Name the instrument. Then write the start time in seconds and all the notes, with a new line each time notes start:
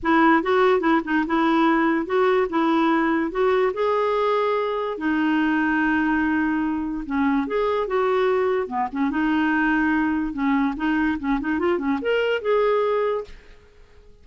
clarinet
0.02 E4
0.42 F#4
0.80 E4
1.04 D#4
1.26 E4
2.05 F#4
2.49 E4
3.31 F#4
3.73 G#4
4.97 D#4
7.06 C#4
7.47 G#4
7.87 F#4
8.67 B3
8.92 C#4
9.10 D#4
10.33 C#4
10.76 D#4
11.19 C#4
11.40 D#4
11.59 F4
11.78 C#4
12.01 A#4
12.41 G#4